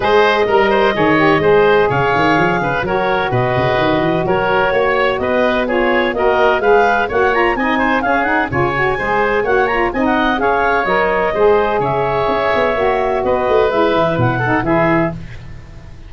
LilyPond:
<<
  \new Staff \with { instrumentName = "clarinet" } { \time 4/4 \tempo 4 = 127 dis''1 | f''2 cis''4 dis''4~ | dis''4 cis''2 dis''4 | cis''4 dis''4 f''4 fis''8 ais''8 |
gis''4 f''8 fis''8 gis''2 | fis''8 ais''8 gis''16 fis''8. f''4 dis''4~ | dis''4 e''2. | dis''4 e''4 fis''4 e''4 | }
  \new Staff \with { instrumentName = "oboe" } { \time 4/4 c''4 ais'8 c''8 cis''4 c''4 | cis''4. b'8 ais'4 b'4~ | b'4 ais'4 cis''4 b'4 | gis'4 ais'4 b'4 cis''4 |
dis''8 c''8 gis'4 cis''4 c''4 | cis''4 dis''4 cis''2 | c''4 cis''2. | b'2~ b'8 a'8 gis'4 | }
  \new Staff \with { instrumentName = "saxophone" } { \time 4/4 gis'4 ais'4 gis'8 g'8 gis'4~ | gis'2 fis'2~ | fis'1 | f'4 fis'4 gis'4 fis'8 f'8 |
dis'4 cis'8 dis'8 f'8 fis'8 gis'4 | fis'8 f'8 dis'4 gis'4 ais'4 | gis'2. fis'4~ | fis'4 e'4. dis'8 e'4 | }
  \new Staff \with { instrumentName = "tuba" } { \time 4/4 gis4 g4 dis4 gis4 | cis8 dis8 f8 cis8 fis4 b,8 cis8 | dis8 e8 fis4 ais4 b4~ | b4 ais4 gis4 ais4 |
c'4 cis'4 cis4 gis4 | ais4 c'4 cis'4 fis4 | gis4 cis4 cis'8 b8 ais4 | b8 a8 gis8 e8 b,4 e4 | }
>>